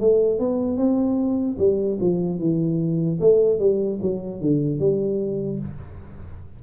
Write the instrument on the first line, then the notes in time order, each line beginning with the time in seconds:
tuba
0.00 A3
0.39 B3
0.77 C4
1.58 G3
2.00 F3
2.39 E3
3.20 A3
3.59 G3
4.02 F#3
4.41 D3
4.79 G3